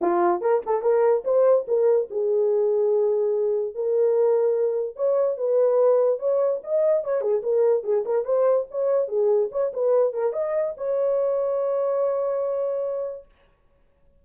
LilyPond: \new Staff \with { instrumentName = "horn" } { \time 4/4 \tempo 4 = 145 f'4 ais'8 a'8 ais'4 c''4 | ais'4 gis'2.~ | gis'4 ais'2. | cis''4 b'2 cis''4 |
dis''4 cis''8 gis'8 ais'4 gis'8 ais'8 | c''4 cis''4 gis'4 cis''8 b'8~ | b'8 ais'8 dis''4 cis''2~ | cis''1 | }